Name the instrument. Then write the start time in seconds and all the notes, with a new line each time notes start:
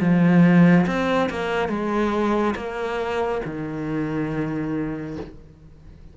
cello
0.00 F3
0.86 C4
1.30 A#3
1.69 G#3
2.56 A#3
3.45 D#3